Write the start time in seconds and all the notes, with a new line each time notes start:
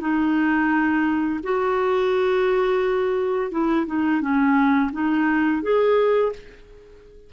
0.00 D#4
1.43 F#4
3.51 E4
3.86 D#4
4.21 C#4
4.92 D#4
5.62 G#4